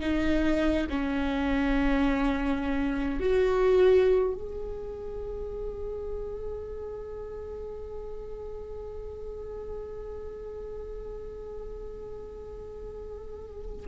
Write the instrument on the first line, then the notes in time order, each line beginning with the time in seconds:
viola
0.00 D#4
0.89 C#4
3.19 F#4
4.34 G#4